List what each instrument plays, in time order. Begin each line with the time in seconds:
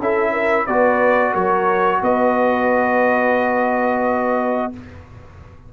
0.00 tuba C#4, trombone E4, horn A4, trumpet E5
0.33 horn A#4
0.67 tuba B3, trombone F#4, horn B4, trumpet D5
1.33 tuba F#3, horn A#4, trumpet C#5
2.02 tuba B3, horn B4, trumpet D#5